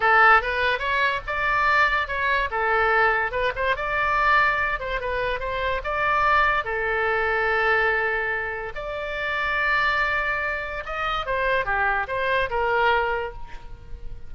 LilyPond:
\new Staff \with { instrumentName = "oboe" } { \time 4/4 \tempo 4 = 144 a'4 b'4 cis''4 d''4~ | d''4 cis''4 a'2 | b'8 c''8 d''2~ d''8 c''8 | b'4 c''4 d''2 |
a'1~ | a'4 d''2.~ | d''2 dis''4 c''4 | g'4 c''4 ais'2 | }